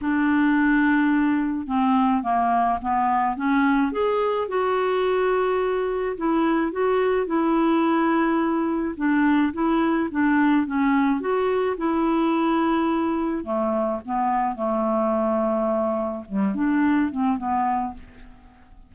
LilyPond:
\new Staff \with { instrumentName = "clarinet" } { \time 4/4 \tempo 4 = 107 d'2. c'4 | ais4 b4 cis'4 gis'4 | fis'2. e'4 | fis'4 e'2. |
d'4 e'4 d'4 cis'4 | fis'4 e'2. | a4 b4 a2~ | a4 g8 d'4 c'8 b4 | }